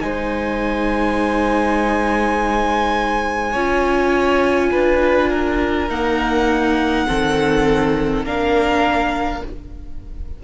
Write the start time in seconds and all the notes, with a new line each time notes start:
0.00 G#3 D#4 C5 G#5
3.51 C#4 F4 C#5
4.71 D4 B4
5.29 A#4
5.88 A#3 D#4 F#5
7.06 D#3 C4 A4
8.24 A#3 D4 A#4 F5